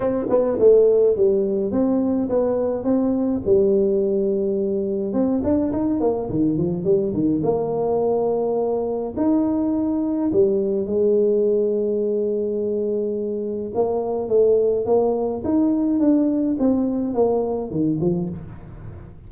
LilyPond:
\new Staff \with { instrumentName = "tuba" } { \time 4/4 \tempo 4 = 105 c'8 b8 a4 g4 c'4 | b4 c'4 g2~ | g4 c'8 d'8 dis'8 ais8 dis8 f8 | g8 dis8 ais2. |
dis'2 g4 gis4~ | gis1 | ais4 a4 ais4 dis'4 | d'4 c'4 ais4 dis8 f8 | }